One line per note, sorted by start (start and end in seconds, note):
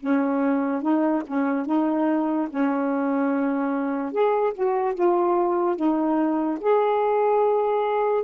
0.00 0.82 C#4
0.82 1.23 D#4
1.27 1.66 C#4
1.66 2.48 D#4
2.50 4.12 C#4
4.12 4.54 G#4
4.54 4.95 F#4
4.95 5.76 F4
5.76 6.59 D#4
6.61 8.24 G#4